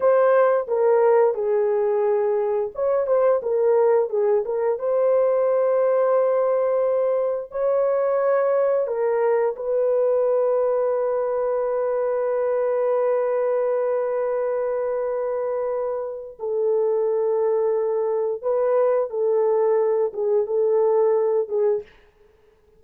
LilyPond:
\new Staff \with { instrumentName = "horn" } { \time 4/4 \tempo 4 = 88 c''4 ais'4 gis'2 | cis''8 c''8 ais'4 gis'8 ais'8 c''4~ | c''2. cis''4~ | cis''4 ais'4 b'2~ |
b'1~ | b'1 | a'2. b'4 | a'4. gis'8 a'4. gis'8 | }